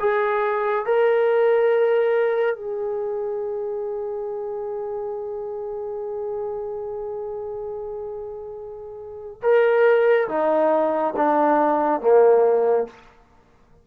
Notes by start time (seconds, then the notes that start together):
0.00 G#4
0.86 A#4
2.56 G#4
9.42 A#4
10.29 D#4
11.16 D4
12.01 A#3